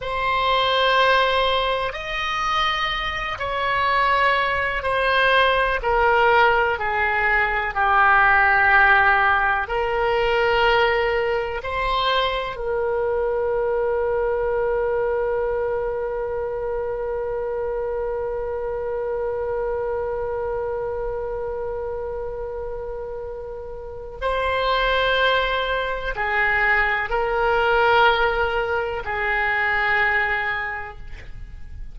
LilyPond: \new Staff \with { instrumentName = "oboe" } { \time 4/4 \tempo 4 = 62 c''2 dis''4. cis''8~ | cis''4 c''4 ais'4 gis'4 | g'2 ais'2 | c''4 ais'2.~ |
ais'1~ | ais'1~ | ais'4 c''2 gis'4 | ais'2 gis'2 | }